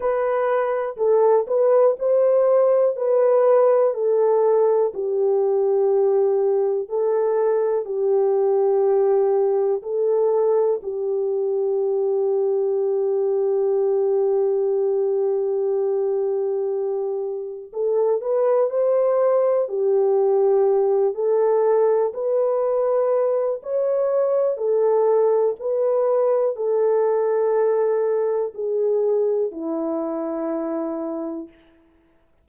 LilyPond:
\new Staff \with { instrumentName = "horn" } { \time 4/4 \tempo 4 = 61 b'4 a'8 b'8 c''4 b'4 | a'4 g'2 a'4 | g'2 a'4 g'4~ | g'1~ |
g'2 a'8 b'8 c''4 | g'4. a'4 b'4. | cis''4 a'4 b'4 a'4~ | a'4 gis'4 e'2 | }